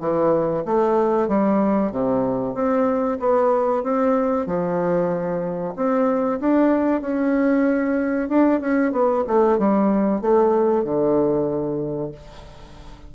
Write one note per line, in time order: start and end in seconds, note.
0.00 0.64 E3
0.65 1.28 A3
1.28 1.91 G3
1.91 2.55 C3
2.55 3.19 C4
3.19 3.83 B3
3.83 4.47 C4
4.47 5.74 F3
5.76 6.40 C4
6.40 7.01 D4
7.01 8.29 C#4
8.29 8.61 D4
8.61 8.92 C#4
8.92 9.24 B3
9.28 9.59 A3
9.59 10.22 G3
10.22 10.84 A3
10.84 12.12 D3